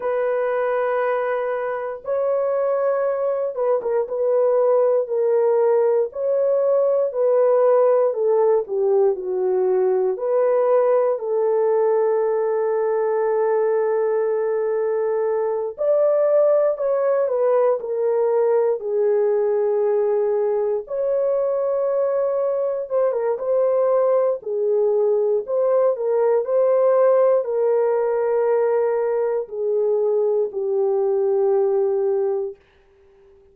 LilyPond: \new Staff \with { instrumentName = "horn" } { \time 4/4 \tempo 4 = 59 b'2 cis''4. b'16 ais'16 | b'4 ais'4 cis''4 b'4 | a'8 g'8 fis'4 b'4 a'4~ | a'2.~ a'8 d''8~ |
d''8 cis''8 b'8 ais'4 gis'4.~ | gis'8 cis''2 c''16 ais'16 c''4 | gis'4 c''8 ais'8 c''4 ais'4~ | ais'4 gis'4 g'2 | }